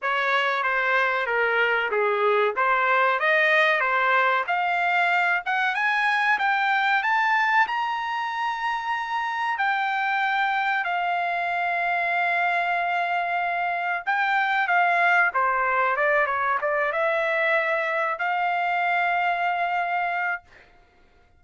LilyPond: \new Staff \with { instrumentName = "trumpet" } { \time 4/4 \tempo 4 = 94 cis''4 c''4 ais'4 gis'4 | c''4 dis''4 c''4 f''4~ | f''8 fis''8 gis''4 g''4 a''4 | ais''2. g''4~ |
g''4 f''2.~ | f''2 g''4 f''4 | c''4 d''8 cis''8 d''8 e''4.~ | e''8 f''2.~ f''8 | }